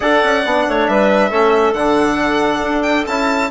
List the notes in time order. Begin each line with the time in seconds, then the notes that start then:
0.00 D4 A4 D5 F#5
0.23 C#4
0.45 B3 D4
0.68 A3 C#5
0.86 G3 B4 E5
1.29 A3 C#4 A4
1.72 D3 D4 F#5
2.62 D4
2.82 G5
3.06 C#4 E4 A5